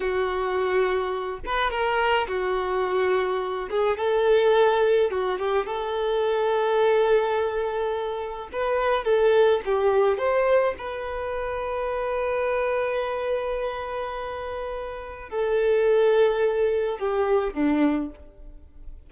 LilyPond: \new Staff \with { instrumentName = "violin" } { \time 4/4 \tempo 4 = 106 fis'2~ fis'8 b'8 ais'4 | fis'2~ fis'8 gis'8 a'4~ | a'4 fis'8 g'8 a'2~ | a'2. b'4 |
a'4 g'4 c''4 b'4~ | b'1~ | b'2. a'4~ | a'2 g'4 d'4 | }